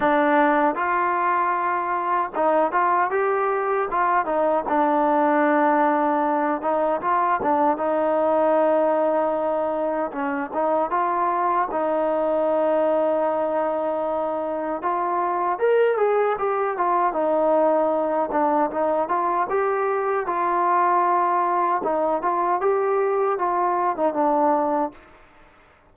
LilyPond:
\new Staff \with { instrumentName = "trombone" } { \time 4/4 \tempo 4 = 77 d'4 f'2 dis'8 f'8 | g'4 f'8 dis'8 d'2~ | d'8 dis'8 f'8 d'8 dis'2~ | dis'4 cis'8 dis'8 f'4 dis'4~ |
dis'2. f'4 | ais'8 gis'8 g'8 f'8 dis'4. d'8 | dis'8 f'8 g'4 f'2 | dis'8 f'8 g'4 f'8. dis'16 d'4 | }